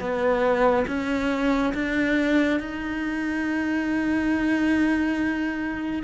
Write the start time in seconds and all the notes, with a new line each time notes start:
0.00 B3
0.88 C#4
1.75 D4
2.60 D#4